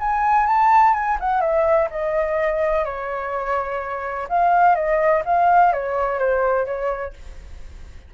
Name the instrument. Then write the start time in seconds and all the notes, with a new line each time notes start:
flute
0.00 G#5
0.47 A5
0.94 G#5
1.21 F#5
1.41 E5
1.91 D#5
2.85 C#5
4.29 F5
4.76 D#5
5.26 F5
5.73 C#5
6.19 C5
6.66 C#5